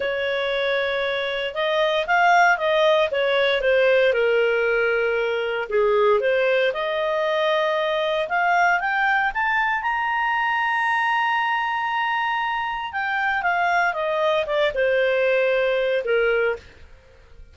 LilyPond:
\new Staff \with { instrumentName = "clarinet" } { \time 4/4 \tempo 4 = 116 cis''2. dis''4 | f''4 dis''4 cis''4 c''4 | ais'2. gis'4 | c''4 dis''2. |
f''4 g''4 a''4 ais''4~ | ais''1~ | ais''4 g''4 f''4 dis''4 | d''8 c''2~ c''8 ais'4 | }